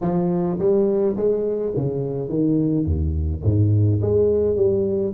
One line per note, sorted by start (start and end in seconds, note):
0.01 0.58 F3
0.58 1.16 G3
1.16 1.73 G#3
1.76 2.29 C#3
2.29 2.85 D#3
2.85 3.42 D#2
3.43 4.00 G#2
4.01 4.56 G#3
4.56 5.13 G3